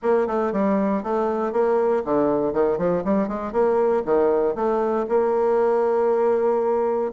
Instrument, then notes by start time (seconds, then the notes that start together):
bassoon
0.02 A#3
0.27 A3
0.52 G3
1.03 A3
1.52 A#3
2.05 D3
2.53 D#3
2.78 F3
3.04 G3
3.28 G#3
3.52 A#3
4.05 D#3
4.55 A3
5.08 A#3